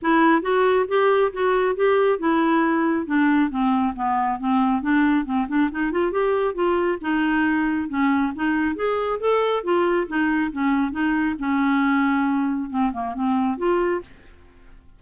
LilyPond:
\new Staff \with { instrumentName = "clarinet" } { \time 4/4 \tempo 4 = 137 e'4 fis'4 g'4 fis'4 | g'4 e'2 d'4 | c'4 b4 c'4 d'4 | c'8 d'8 dis'8 f'8 g'4 f'4 |
dis'2 cis'4 dis'4 | gis'4 a'4 f'4 dis'4 | cis'4 dis'4 cis'2~ | cis'4 c'8 ais8 c'4 f'4 | }